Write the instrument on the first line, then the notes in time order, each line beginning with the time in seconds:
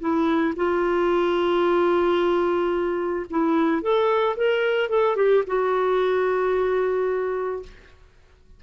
clarinet
0.00 E4
0.56 F4
3.30 E4
3.82 A4
4.36 A#4
4.89 A4
5.16 G4
5.46 F#4